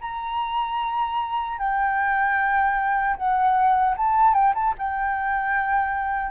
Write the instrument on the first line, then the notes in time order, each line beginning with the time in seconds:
flute
0.00 A#5
1.58 G5
3.16 F#5
3.97 A5
4.33 G5
4.54 A5
4.78 G5